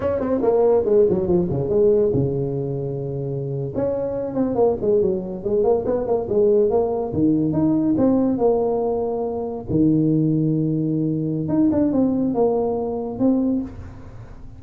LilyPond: \new Staff \with { instrumentName = "tuba" } { \time 4/4 \tempo 4 = 141 cis'8 c'8 ais4 gis8 fis8 f8 cis8 | gis4 cis2.~ | cis8. cis'4. c'8 ais8 gis8 fis16~ | fis8. gis8 ais8 b8 ais8 gis4 ais16~ |
ais8. dis4 dis'4 c'4 ais16~ | ais2~ ais8. dis4~ dis16~ | dis2. dis'8 d'8 | c'4 ais2 c'4 | }